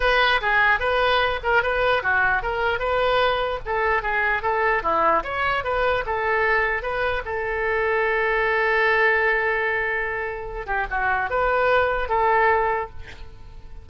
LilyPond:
\new Staff \with { instrumentName = "oboe" } { \time 4/4 \tempo 4 = 149 b'4 gis'4 b'4. ais'8 | b'4 fis'4 ais'4 b'4~ | b'4 a'4 gis'4 a'4 | e'4 cis''4 b'4 a'4~ |
a'4 b'4 a'2~ | a'1~ | a'2~ a'8 g'8 fis'4 | b'2 a'2 | }